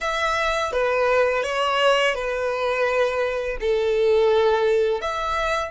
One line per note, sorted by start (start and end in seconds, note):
0.01 0.72 E5
0.72 1.43 B4
1.43 2.14 C#5
2.14 3.57 B4
3.60 5.01 A4
5.01 5.71 E5